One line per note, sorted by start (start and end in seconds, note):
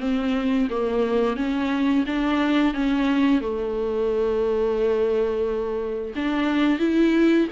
0.00 0.68 C4
0.70 1.36 A#3
1.36 2.05 C#4
2.06 2.74 D4
2.74 3.41 C#4
3.41 6.13 A3
6.15 6.79 D4
6.79 7.48 E4